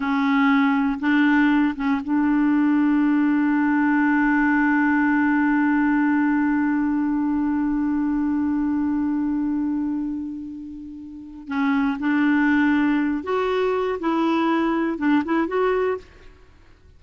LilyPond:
\new Staff \with { instrumentName = "clarinet" } { \time 4/4 \tempo 4 = 120 cis'2 d'4. cis'8 | d'1~ | d'1~ | d'1~ |
d'1~ | d'2. cis'4 | d'2~ d'8 fis'4. | e'2 d'8 e'8 fis'4 | }